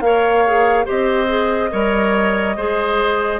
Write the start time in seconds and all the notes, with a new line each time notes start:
0.00 A#3 A#4 C#5 F5
0.46 G#4
0.85 C4 G4 C5 D#5
1.27 G#4
1.71 G3 A#4 C#5
2.56 G#3 G#4 C5